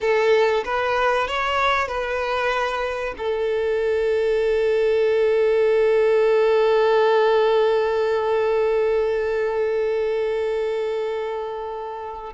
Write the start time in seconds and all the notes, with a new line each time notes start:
0.00 A4
0.64 B4
1.27 C#5
1.88 B4
3.17 A4